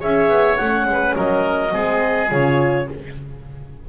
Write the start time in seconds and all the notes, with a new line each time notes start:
0.00 C#4 G#4 C#5 E5
0.29 B3
0.57 A3 C#4 F#5
0.86 G#3
0.93 B4
1.16 F#3 A#4 D#5
1.71 G#3 C4 G#4
2.30 C#3 F4 C#5